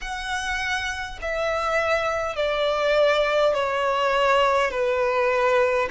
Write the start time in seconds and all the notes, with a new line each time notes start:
0.01 F#5
1.21 E5
2.36 D5
3.53 C#5
4.71 B4